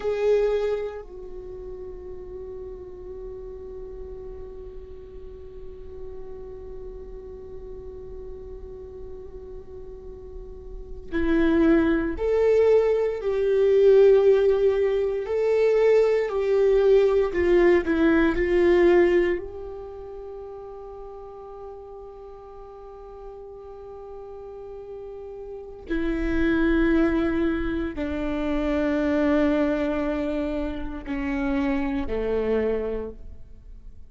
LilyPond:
\new Staff \with { instrumentName = "viola" } { \time 4/4 \tempo 4 = 58 gis'4 fis'2.~ | fis'1~ | fis'2~ fis'8. e'4 a'16~ | a'8. g'2 a'4 g'16~ |
g'8. f'8 e'8 f'4 g'4~ g'16~ | g'1~ | g'4 e'2 d'4~ | d'2 cis'4 a4 | }